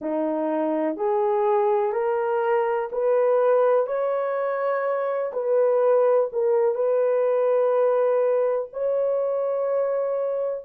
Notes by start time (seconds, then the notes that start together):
0.01 D#4
0.96 G#4
1.92 A#4
2.92 B4
3.87 C#5
5.32 B4
6.32 A#4
6.74 B4
8.72 C#5